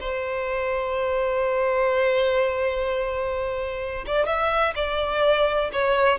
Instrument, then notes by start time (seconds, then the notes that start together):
violin
0.00 C5
4.06 D5
4.26 E5
4.75 D5
5.72 C#5